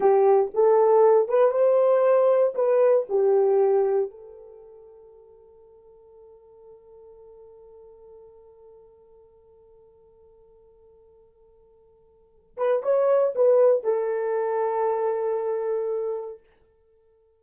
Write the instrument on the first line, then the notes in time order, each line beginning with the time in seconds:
horn
0.00 G4
0.54 A4
1.28 B4
1.51 C5
2.55 B4
3.09 G4
4.10 A4
12.57 B4
12.82 C#5
13.35 B4
13.83 A4